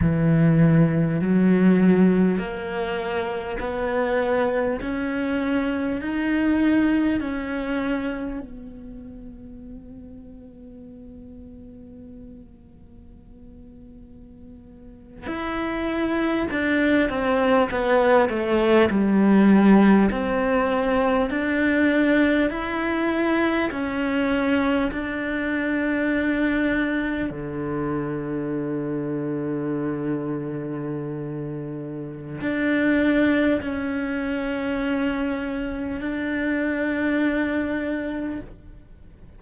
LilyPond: \new Staff \with { instrumentName = "cello" } { \time 4/4 \tempo 4 = 50 e4 fis4 ais4 b4 | cis'4 dis'4 cis'4 b4~ | b1~ | b8. e'4 d'8 c'8 b8 a8 g16~ |
g8. c'4 d'4 e'4 cis'16~ | cis'8. d'2 d4~ d16~ | d2. d'4 | cis'2 d'2 | }